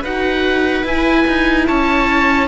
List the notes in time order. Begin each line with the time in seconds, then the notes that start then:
0.00 D#4 F#4 B4 F#5
0.83 E4 G#5
1.27 D#4
1.67 C#4 C#5 A5